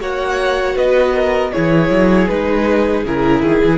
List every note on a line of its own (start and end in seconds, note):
0.00 0.76 A#3
0.00 1.53 F#4
0.00 0.76 C#5
0.00 0.77 F#5
0.76 1.53 B3
0.76 1.14 B4
0.76 1.53 D#5
1.14 1.52 A#4
1.53 1.90 E3
1.53 2.29 E4
1.53 3.78 G#4
1.53 2.28 C#5
1.90 2.28 F#3
2.28 3.04 G#3
2.28 3.05 D#4
2.28 3.04 B4
3.04 3.42 C#3
3.04 3.78 E4
3.04 3.43 A#4
3.42 3.61 D#3
3.42 3.78 G#4
3.64 3.78 E3